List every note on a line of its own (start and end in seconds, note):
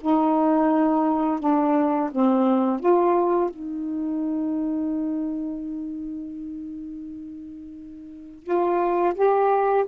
0.00 1.39 D#4
1.39 2.10 D4
2.11 2.79 C4
2.79 3.50 F4
3.50 8.43 D#4
8.43 9.13 F4
9.14 9.85 G4